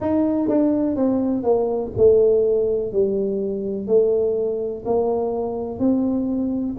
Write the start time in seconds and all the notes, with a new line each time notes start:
0.00 D#4
0.48 D4
0.96 C4
1.43 A#3
1.97 A3
2.92 G3
3.87 A3
4.85 A#3
5.79 C4